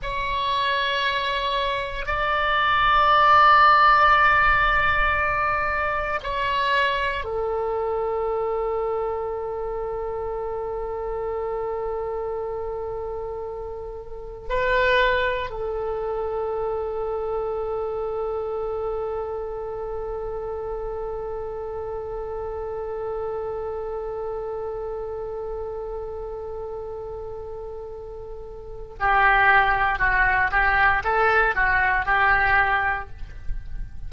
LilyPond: \new Staff \with { instrumentName = "oboe" } { \time 4/4 \tempo 4 = 58 cis''2 d''2~ | d''2 cis''4 a'4~ | a'1~ | a'2 b'4 a'4~ |
a'1~ | a'1~ | a'1 | g'4 fis'8 g'8 a'8 fis'8 g'4 | }